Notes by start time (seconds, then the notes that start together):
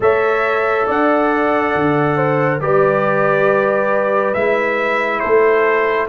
0.00 A3 A4 C#5 E5
0.86 D4 D5 F#5
1.74 D3
2.16 C5
2.60 G3 G4 B4 D5
4.34 G#3 E4 E5
5.19 A3 A4 C5